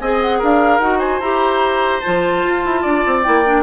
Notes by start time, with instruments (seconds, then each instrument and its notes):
0.00 bassoon C4, clarinet G#4, oboe D#5, flute G#5
0.22 flute F#5
0.39 bassoon D4, oboe A#4, flute F5
0.80 bassoon D#4, clarinet F#4, flute F#5
0.99 oboe C5, flute G#5
1.20 bassoon E4, clarinet G4, flute A#5
2.00 clarinet F4, flute A5
2.07 bassoon F3
2.44 bassoon F4
2.65 bassoon E4
2.82 bassoon D4, oboe D5
3.06 bassoon C4
3.23 bassoon A#3, clarinet E4, flute G5
3.46 clarinet D4